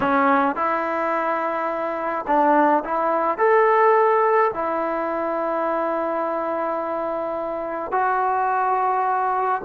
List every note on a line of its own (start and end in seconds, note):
0.00 0.55 C#4
0.55 2.25 E4
2.27 2.83 D4
2.84 3.38 E4
3.38 4.51 A4
4.54 7.91 E4
7.91 9.61 F#4